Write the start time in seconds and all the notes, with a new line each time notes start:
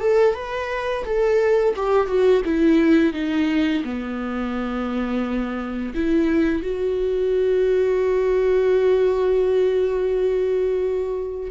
0.00 A4
0.35 B4
1.05 A4
1.76 G4
2.07 F#4
2.45 E4
3.13 D#4
3.84 B3
5.95 E4
6.63 F#4